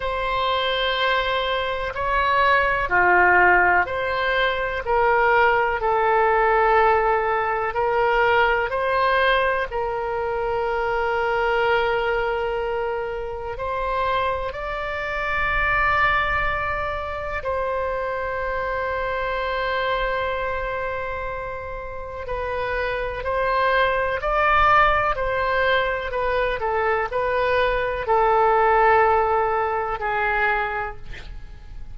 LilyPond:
\new Staff \with { instrumentName = "oboe" } { \time 4/4 \tempo 4 = 62 c''2 cis''4 f'4 | c''4 ais'4 a'2 | ais'4 c''4 ais'2~ | ais'2 c''4 d''4~ |
d''2 c''2~ | c''2. b'4 | c''4 d''4 c''4 b'8 a'8 | b'4 a'2 gis'4 | }